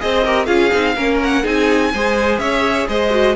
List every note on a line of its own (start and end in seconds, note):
0.00 0.48 C4
0.00 0.24 G#4
0.00 0.24 C5
0.00 0.46 D#5
0.24 0.46 G4
0.24 0.46 A#4
0.46 0.71 C#4
0.46 0.70 F4
0.46 0.94 G#4
0.46 1.18 F5
0.72 0.96 C4
0.72 0.96 D#4
0.96 1.44 A#3
0.96 1.43 C#4
0.96 1.42 A#4
1.23 1.46 F#5
1.42 1.93 C4
1.42 1.91 D#4
1.42 1.90 G#4
1.42 2.39 G#5
1.93 2.38 G#3
1.93 3.11 G#4
1.93 2.40 C5
2.38 2.86 C#4
2.38 2.88 C#5
2.38 2.87 E5
2.88 3.35 G#3
2.88 3.35 C5
2.88 3.35 D#5
3.11 3.35 F#4